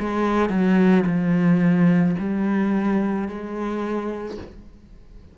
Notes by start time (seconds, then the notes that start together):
0.00 G#3
0.50 F#3
1.06 F3
2.19 G3
3.28 G#3